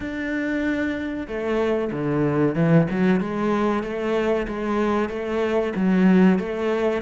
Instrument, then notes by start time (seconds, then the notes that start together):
cello
0.00 D4
1.27 A3
1.91 D3
2.55 E3
2.90 F#3
3.20 G#3
3.83 A3
4.47 G#3
5.09 A3
5.75 F#3
6.39 A3